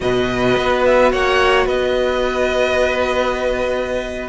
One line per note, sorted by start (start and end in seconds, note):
0.00 0.56 B2
0.00 4.29 F#4
0.00 1.11 B4
0.00 0.84 D#5
0.57 1.12 B3
0.85 1.12 E5
1.11 1.66 A#3
1.11 1.65 C#5
1.11 1.67 F#5
1.65 4.29 B3
1.65 4.29 B4
1.65 4.29 D#5